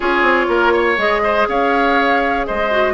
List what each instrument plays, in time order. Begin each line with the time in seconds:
0.00 bassoon C#4, clarinet F4, oboe G#4, flute C#5
0.22 bassoon C4
0.48 bassoon A#3, oboe A#4
0.72 oboe C#5
0.97 bassoon G#3, clarinet G#4, flute D#5
1.23 oboe C5
1.48 bassoon C#4, oboe C#5, flute F5
2.46 bassoon G#3, oboe C5, flute D#5
2.70 clarinet F#4